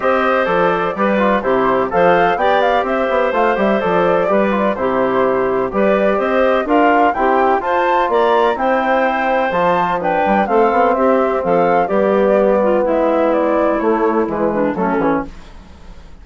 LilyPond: <<
  \new Staff \with { instrumentName = "flute" } { \time 4/4 \tempo 4 = 126 dis''4 d''2 c''4 | f''4 g''8 f''8 e''4 f''8 e''8 | d''2 c''2 | d''4 dis''4 f''4 g''4 |
a''4 ais''4 g''2 | a''4 g''4 f''4 e''4 | f''4 d''2 e''4 | d''4 cis''4 b'4 a'4 | }
  \new Staff \with { instrumentName = "clarinet" } { \time 4/4 c''2 b'4 g'4 | c''4 d''4 c''2~ | c''4 b'4 g'2 | b'4 c''4 ais'4 g'4 |
c''4 d''4 c''2~ | c''4 b'4 a'4 g'4 | a'4 g'4. f'8 e'4~ | e'2~ e'8 d'8 cis'4 | }
  \new Staff \with { instrumentName = "trombone" } { \time 4/4 g'4 a'4 g'8 f'8 e'4 | a'4 g'2 f'8 g'8 | a'4 g'8 f'8 e'2 | g'2 f'4 c'4 |
f'2 e'2 | f'4 d'4 c'2~ | c'4 b2.~ | b4 a4 gis4 a8 cis'8 | }
  \new Staff \with { instrumentName = "bassoon" } { \time 4/4 c'4 f4 g4 c4 | f4 b4 c'8 b8 a8 g8 | f4 g4 c2 | g4 c'4 d'4 e'4 |
f'4 ais4 c'2 | f4. g8 a8 b8 c'4 | f4 g2 gis4~ | gis4 a4 e4 fis8 e8 | }
>>